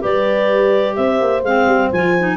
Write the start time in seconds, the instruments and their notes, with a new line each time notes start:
0.00 tuba G3, clarinet G4 D5, horn B4
0.95 tuba C4, horn C5, clarinet E5
1.21 tuba A#3
1.43 tuba G#3, clarinet C4 F5
1.66 tuba G3
1.92 tuba F3, clarinet F4 G#5
2.18 clarinet D#4